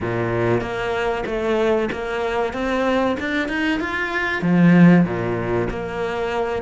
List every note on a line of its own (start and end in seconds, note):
0.00 0.61 A#2
0.61 1.24 A#3
1.26 1.89 A3
1.91 2.53 A#3
2.53 3.16 C4
3.19 3.48 D4
3.48 3.80 D#4
3.80 4.42 F4
4.42 5.05 F3
5.05 5.68 A#2
5.70 6.62 A#3